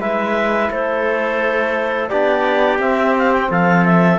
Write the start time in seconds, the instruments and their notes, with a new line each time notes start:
0.00 cello G#3, trombone E4, trumpet B4, clarinet E5
0.71 cello A3, trumpet A4, clarinet C5
2.09 cello B3, trombone D4, trumpet G4, clarinet D5
2.79 cello C4, trombone C4, clarinet E5
3.18 clarinet F5
3.32 clarinet G5
3.51 cello F3, trumpet A4, clarinet F5
3.85 clarinet E5